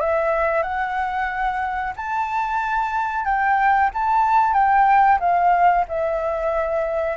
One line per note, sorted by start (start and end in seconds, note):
0.00 0.63 E5
0.63 1.93 F#5
1.96 3.25 A5
3.25 3.90 G5
3.93 4.53 A5
4.53 5.18 G5
5.19 5.85 F5
5.88 7.17 E5